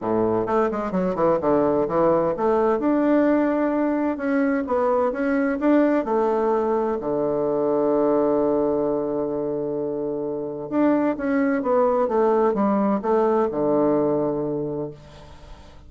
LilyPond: \new Staff \with { instrumentName = "bassoon" } { \time 4/4 \tempo 4 = 129 a,4 a8 gis8 fis8 e8 d4 | e4 a4 d'2~ | d'4 cis'4 b4 cis'4 | d'4 a2 d4~ |
d1~ | d2. d'4 | cis'4 b4 a4 g4 | a4 d2. | }